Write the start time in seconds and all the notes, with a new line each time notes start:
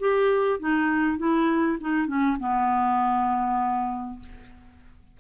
0.00 G4
0.60 D#4
1.18 E4
1.81 D#4
2.08 C#4
2.40 B3